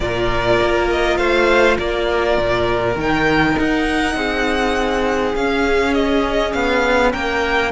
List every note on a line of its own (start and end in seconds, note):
0.00 0.59 A#2
0.00 2.98 F4
0.00 1.18 A#4
0.00 0.87 D5
0.61 1.18 A#3
0.90 1.17 D#5
1.17 1.78 A3
1.17 1.77 C5
1.17 1.76 F5
1.78 2.37 A#3
1.78 4.15 A#4
1.78 2.97 D5
2.37 2.96 A#2
2.96 3.55 D#3
2.96 5.36 D#4
2.96 3.59 G5
3.59 4.15 D#4
3.59 5.35 F#5
4.15 5.34 C4
4.15 7.12 G#4
5.35 6.54 C#4
5.35 7.72 C#4
5.35 5.94 F5
5.94 6.52 D#5
6.52 7.13 B3
6.52 7.12 F5
7.12 7.72 A#3
7.12 7.71 A#4
7.12 7.72 G5